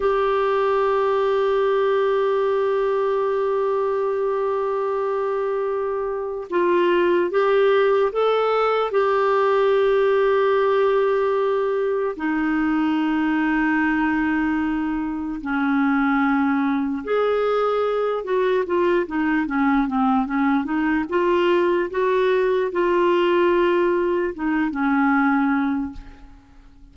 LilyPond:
\new Staff \with { instrumentName = "clarinet" } { \time 4/4 \tempo 4 = 74 g'1~ | g'1 | f'4 g'4 a'4 g'4~ | g'2. dis'4~ |
dis'2. cis'4~ | cis'4 gis'4. fis'8 f'8 dis'8 | cis'8 c'8 cis'8 dis'8 f'4 fis'4 | f'2 dis'8 cis'4. | }